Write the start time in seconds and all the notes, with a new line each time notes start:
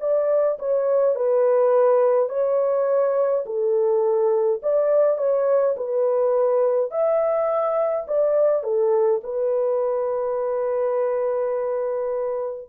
0.00 D5
0.59 C#5
1.15 B4
2.29 C#5
3.46 A4
4.63 D5
5.18 C#5
5.76 B4
6.91 E5
8.07 D5
8.63 A4
9.24 B4